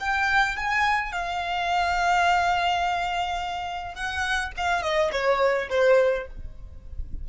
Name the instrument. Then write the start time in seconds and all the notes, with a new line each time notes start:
violin
0.00 G5
0.57 G#5
1.12 F5
3.95 F#5
4.57 F5
4.83 D#5
5.12 C#5
5.70 C5